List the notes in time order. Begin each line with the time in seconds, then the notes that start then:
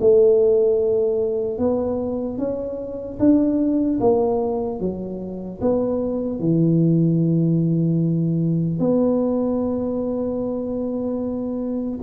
0.00 A3
1.58 B3
2.38 C#4
3.19 D4
4.00 A#3
4.80 F#3
5.61 B3
6.39 E3
8.79 B3